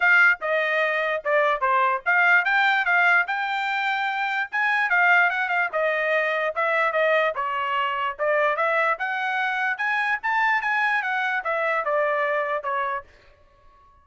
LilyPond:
\new Staff \with { instrumentName = "trumpet" } { \time 4/4 \tempo 4 = 147 f''4 dis''2 d''4 | c''4 f''4 g''4 f''4 | g''2. gis''4 | f''4 fis''8 f''8 dis''2 |
e''4 dis''4 cis''2 | d''4 e''4 fis''2 | gis''4 a''4 gis''4 fis''4 | e''4 d''2 cis''4 | }